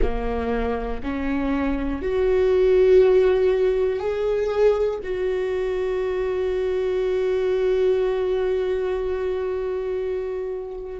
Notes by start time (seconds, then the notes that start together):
0.01 A#3
1.02 C#4
2.02 F#4
3.99 G#4
5.03 F#4